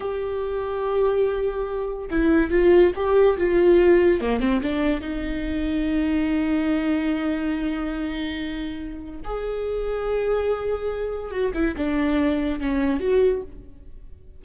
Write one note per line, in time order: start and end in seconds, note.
0.00 2.09 G4
2.10 2.50 E4
2.50 2.92 F4
2.95 3.37 G4
3.37 4.21 F4
4.21 4.40 A#3
4.40 4.61 C4
4.62 5.00 D4
5.00 9.20 D#4
9.24 11.30 G#4
11.30 11.51 F#4
11.53 11.74 E4
11.76 12.60 D4
12.60 13.00 C#4
13.00 13.42 F#4